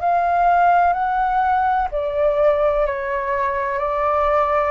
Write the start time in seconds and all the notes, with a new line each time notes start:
0.00 F5
0.93 F#5
1.91 D5
2.86 C#5
3.78 D5